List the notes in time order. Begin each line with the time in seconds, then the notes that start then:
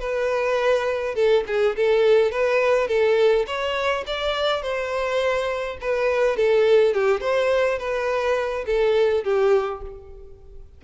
0.00 B4
1.15 A4
1.47 G#4
1.76 A4
2.32 B4
2.88 A4
3.47 C#5
4.07 D5
4.63 C5
5.81 B4
6.37 A4
6.94 G4
7.21 C5
7.79 B4
8.66 A4
9.24 G4